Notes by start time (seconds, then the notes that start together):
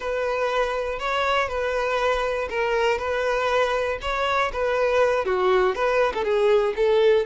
0.00 B4
0.99 C#5
1.48 B4
2.49 A#4
2.98 B4
4.01 C#5
4.52 B4
5.25 F#4
5.75 B4
6.14 A4
6.24 G#4
6.76 A4